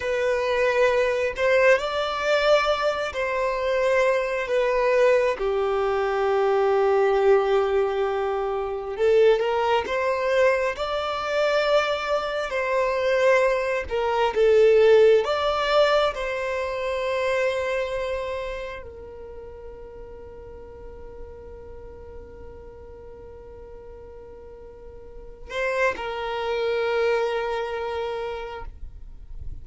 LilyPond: \new Staff \with { instrumentName = "violin" } { \time 4/4 \tempo 4 = 67 b'4. c''8 d''4. c''8~ | c''4 b'4 g'2~ | g'2 a'8 ais'8 c''4 | d''2 c''4. ais'8 |
a'4 d''4 c''2~ | c''4 ais'2.~ | ais'1~ | ais'8 c''8 ais'2. | }